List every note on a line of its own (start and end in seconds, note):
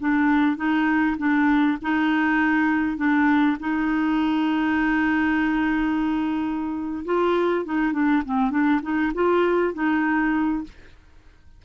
0.00 0.57 D4
0.57 1.17 D#4
1.18 1.78 D4
1.82 2.97 D#4
2.97 3.57 D4
3.60 7.05 D#4
7.05 7.65 F4
7.65 7.93 D#4
7.93 8.23 D4
8.26 8.51 C4
8.51 8.81 D4
8.82 9.12 D#4
9.14 9.74 F4
9.74 10.64 D#4